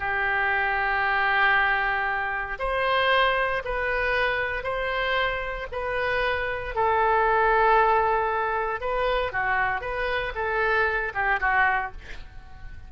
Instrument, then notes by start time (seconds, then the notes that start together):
oboe
0.00 G4
2.60 C5
3.65 B4
4.64 C5
5.72 B4
6.76 A4
8.81 B4
9.33 F#4
9.81 B4
10.36 A4
11.15 G4
11.41 F#4